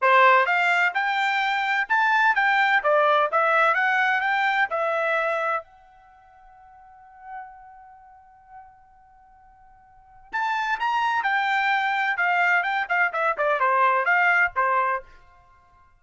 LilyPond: \new Staff \with { instrumentName = "trumpet" } { \time 4/4 \tempo 4 = 128 c''4 f''4 g''2 | a''4 g''4 d''4 e''4 | fis''4 g''4 e''2 | fis''1~ |
fis''1~ | fis''2 a''4 ais''4 | g''2 f''4 g''8 f''8 | e''8 d''8 c''4 f''4 c''4 | }